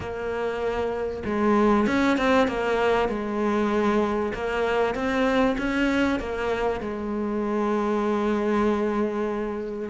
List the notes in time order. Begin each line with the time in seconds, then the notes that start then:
0.00 A#3
1.25 G#3
1.87 C#4
2.17 C4
2.47 A#3
3.08 G#3
4.34 A#3
4.94 C4
5.58 C#4
6.19 A#3
6.80 G#3